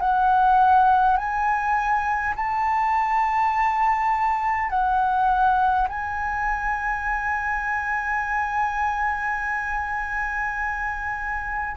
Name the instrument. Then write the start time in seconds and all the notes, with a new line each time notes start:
flute
0.00 F#5
1.17 G#5
2.36 A5
4.70 F#5
5.88 G#5